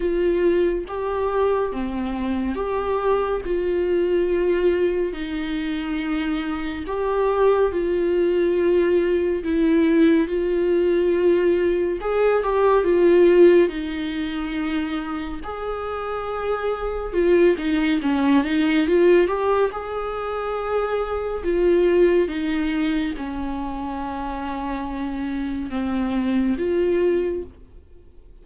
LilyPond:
\new Staff \with { instrumentName = "viola" } { \time 4/4 \tempo 4 = 70 f'4 g'4 c'4 g'4 | f'2 dis'2 | g'4 f'2 e'4 | f'2 gis'8 g'8 f'4 |
dis'2 gis'2 | f'8 dis'8 cis'8 dis'8 f'8 g'8 gis'4~ | gis'4 f'4 dis'4 cis'4~ | cis'2 c'4 f'4 | }